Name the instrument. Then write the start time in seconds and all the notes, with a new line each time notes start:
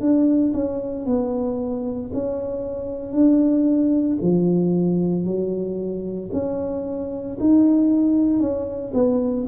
tuba
0.00 D4
0.53 C#4
1.06 B3
2.13 C#4
3.12 D4
4.21 F3
5.24 F#3
6.33 C#4
7.40 D#4
8.39 C#4
8.94 B3